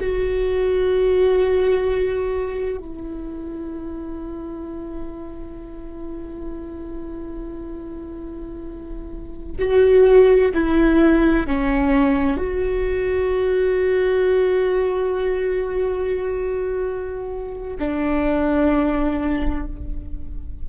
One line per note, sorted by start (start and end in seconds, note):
0.00 2.77 F#4
2.77 9.57 E4
9.58 10.52 F#4
10.54 11.46 E4
11.46 12.37 C#4
12.37 17.76 F#4
17.79 19.66 D4